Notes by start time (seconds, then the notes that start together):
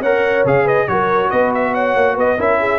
0.00 C#4 A#4 C#5 F#5
0.45 C#3 G#4 F5
0.65 B4 D#5
0.88 F#3 F#4 A#4 C#5
1.30 B3 B4 D#5
1.54 E5
1.74 C#5 F#5
1.96 A#3
2.15 B3 B4 D#5
2.38 C#4 E4 A#4 E5
2.60 G#4